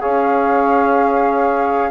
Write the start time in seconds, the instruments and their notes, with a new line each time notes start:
0.00 bassoon C#4, trombone G#4, saxophone C#5, flute F5